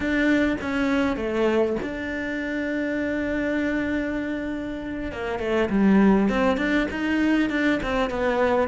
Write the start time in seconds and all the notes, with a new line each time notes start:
0.00 D4
0.61 C#4
1.16 A3
1.82 D4
5.12 A#3
5.39 A3
5.69 G3
6.29 C4
6.57 D4
6.90 D#4
7.49 D4
7.82 C4
8.10 B3